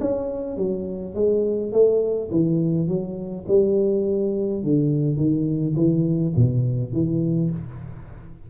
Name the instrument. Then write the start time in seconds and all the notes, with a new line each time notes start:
tuba
0.00 C#4
0.57 F#3
1.14 G#3
1.72 A3
2.31 E3
2.88 F#3
3.48 G3
4.63 D3
5.17 D#3
5.76 E3
6.36 B2
6.92 E3